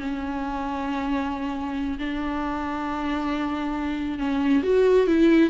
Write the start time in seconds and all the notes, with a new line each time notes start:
0.00 C#4
1.99 D4
4.19 C#4
4.63 F#4
5.07 E4